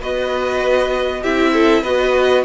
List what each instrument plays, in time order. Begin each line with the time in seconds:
0.00 cello B3, viola F#4, violin B4 D#5
1.22 cello C4, viola E4, violin G4 E5
1.53 violin A4
1.82 cello B3, viola F#4, violin B4 D#5